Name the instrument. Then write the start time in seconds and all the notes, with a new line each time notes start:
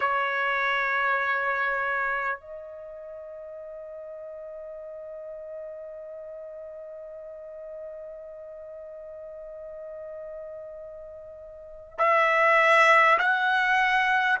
trumpet
0.00 C#5
2.39 D#5
11.98 E5
13.18 F#5